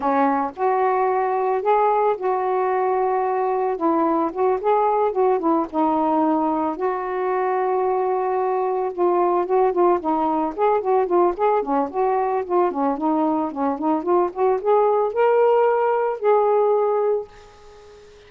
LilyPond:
\new Staff \with { instrumentName = "saxophone" } { \time 4/4 \tempo 4 = 111 cis'4 fis'2 gis'4 | fis'2. e'4 | fis'8 gis'4 fis'8 e'8 dis'4.~ | dis'8 fis'2.~ fis'8~ |
fis'8 f'4 fis'8 f'8 dis'4 gis'8 | fis'8 f'8 gis'8 cis'8 fis'4 f'8 cis'8 | dis'4 cis'8 dis'8 f'8 fis'8 gis'4 | ais'2 gis'2 | }